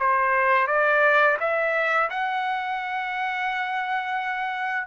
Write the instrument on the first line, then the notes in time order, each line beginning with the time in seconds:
trumpet
0.00 C5
0.68 D5
1.40 E5
2.11 F#5